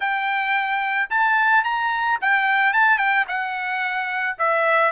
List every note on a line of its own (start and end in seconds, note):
0.00 1.09 G5
1.10 1.64 A5
1.64 2.18 A#5
2.21 2.73 G5
2.73 2.98 A5
2.98 3.25 G5
3.28 4.37 F#5
4.38 4.91 E5